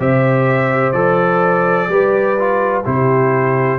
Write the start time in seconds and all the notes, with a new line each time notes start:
0.00 C3 G4 C5 E5
0.92 F3 A4 D5
1.89 G3 G4 B4
2.39 F4
2.84 C3 E4 G4 C5